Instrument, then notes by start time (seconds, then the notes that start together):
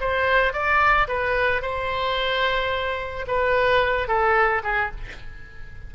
oboe
0.00 C5
0.53 D5
1.08 B4
1.62 C5
3.27 B4
4.08 A4
4.64 G#4